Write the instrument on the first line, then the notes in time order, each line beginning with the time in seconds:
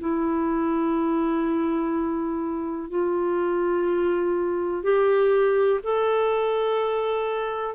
clarinet
0.00 E4
2.90 F4
4.83 G4
5.84 A4